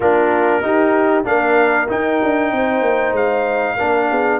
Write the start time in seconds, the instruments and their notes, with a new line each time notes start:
0.00 tuba A#3, trombone D4, horn F4, trumpet A#4
0.62 tuba D#4, trombone D#4, horn G4
1.24 tuba A#3, trombone D4, horn A#4, trumpet F5
1.88 trombone D#4, tuba D#4, trumpet G5
2.22 tuba D4
2.51 tuba C4, horn C5
2.81 tuba A#3
3.12 tuba G#3, trumpet F5
3.76 tuba A#3, trombone D4, horn A#4
4.08 tuba B3, horn G#4